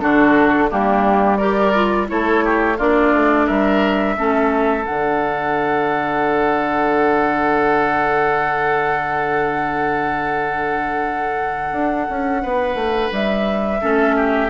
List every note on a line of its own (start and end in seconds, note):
0.00 0.71 D3
0.00 0.69 D4
0.00 0.70 F#4
0.00 0.69 A4
0.70 2.10 G3
0.70 1.39 A#3
0.70 1.38 D4
0.70 1.37 G4
1.37 1.74 G4
1.37 2.07 A#4
1.37 2.06 D5
1.74 2.07 F4
2.07 2.79 A3
2.07 2.76 E4
2.07 2.44 A4
2.07 2.78 C#5
2.44 2.77 G4
2.77 3.13 A#3
2.77 4.17 D4
2.77 3.46 F4
2.77 3.47 D5
3.13 3.47 A3
3.46 4.17 G3
3.46 4.15 A#4
3.46 4.85 E5
4.17 4.85 A3
4.17 4.82 C#4
4.17 12.42 A4
4.82 13.78 D4
4.82 13.12 F#5
4.89 11.72 D3
11.72 12.06 D4
12.09 12.44 C#4
12.42 12.75 B3
12.42 13.80 B4
12.75 13.09 A3
13.11 13.80 G3
13.11 14.50 E5
13.81 14.50 A3
13.81 14.50 C#4
13.81 14.15 A4
14.16 14.50 G4